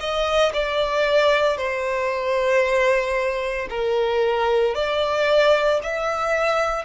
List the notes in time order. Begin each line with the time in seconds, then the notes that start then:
0.00 D#5
0.54 D5
1.57 C5
3.70 A#4
4.75 D5
5.83 E5